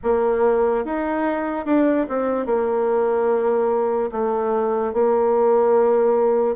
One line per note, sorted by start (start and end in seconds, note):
0.03 0.84 A#3
0.84 1.65 D#4
1.65 2.06 D4
2.08 2.46 C4
2.46 4.10 A#3
4.11 4.93 A3
4.93 6.55 A#3